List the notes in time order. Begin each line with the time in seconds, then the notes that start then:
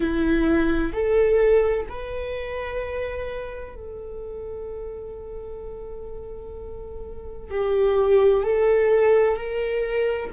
0.00 E4
0.92 A4
1.88 B4
3.75 A4
7.50 G4
8.43 A4
9.37 A#4